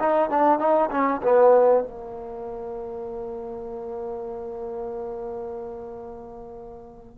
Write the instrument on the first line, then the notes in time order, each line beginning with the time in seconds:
trombone
0.00 D#4
0.30 D4
0.59 D#4
0.91 C#4
1.23 B3
1.84 A#3